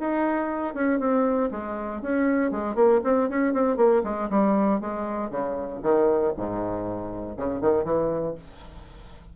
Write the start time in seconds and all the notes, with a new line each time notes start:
0.00 D#4
0.74 C#4
1.00 C4
1.51 G#3
2.02 C#4
2.51 G#3
2.75 A#3
3.04 C4
3.29 C#4
3.54 C4
3.77 A#3
4.04 G#3
4.30 G3
4.81 G#3
5.30 C#3
5.83 D#3
6.37 G#2
7.37 C#3
7.61 D#3
7.84 E3